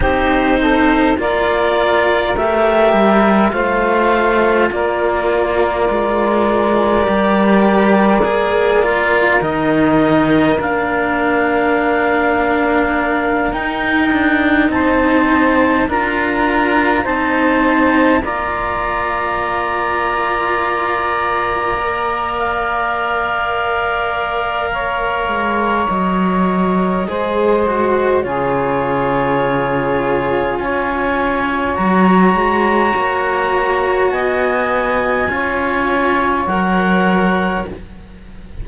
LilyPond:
<<
  \new Staff \with { instrumentName = "clarinet" } { \time 4/4 \tempo 4 = 51 c''4 d''4 e''4 f''4 | d''1 | dis''4 f''2~ f''8 g''8~ | g''8 a''4 ais''4 a''4 ais''8~ |
ais''2. f''4~ | f''2 dis''2 | cis''2 gis''4 ais''4~ | ais''4 gis''2 fis''4 | }
  \new Staff \with { instrumentName = "saxophone" } { \time 4/4 g'8 a'8 ais'2 c''4 | ais'1~ | ais'1~ | ais'8 c''4 ais'4 c''4 d''8~ |
d''1~ | d''4 cis''2 c''4 | gis'2 cis''2~ | cis''4 dis''4 cis''2 | }
  \new Staff \with { instrumentName = "cello" } { \time 4/4 dis'4 f'4 g'4 f'4~ | f'2 g'4 gis'8 f'8 | dis'4 d'2~ d'8 dis'8~ | dis'4. f'4 dis'4 f'8~ |
f'2~ f'8 ais'4.~ | ais'2. gis'8 fis'8 | f'2. fis'4~ | fis'2 f'4 ais'4 | }
  \new Staff \with { instrumentName = "cello" } { \time 4/4 c'4 ais4 a8 g8 a4 | ais4 gis4 g4 ais4 | dis4 ais2~ ais8 dis'8 | d'8 c'4 d'4 c'4 ais8~ |
ais1~ | ais4. gis8 fis4 gis4 | cis2 cis'4 fis8 gis8 | ais4 b4 cis'4 fis4 | }
>>